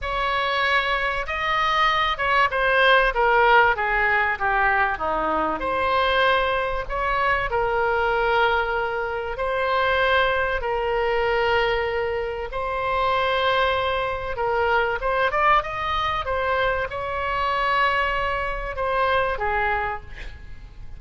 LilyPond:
\new Staff \with { instrumentName = "oboe" } { \time 4/4 \tempo 4 = 96 cis''2 dis''4. cis''8 | c''4 ais'4 gis'4 g'4 | dis'4 c''2 cis''4 | ais'2. c''4~ |
c''4 ais'2. | c''2. ais'4 | c''8 d''8 dis''4 c''4 cis''4~ | cis''2 c''4 gis'4 | }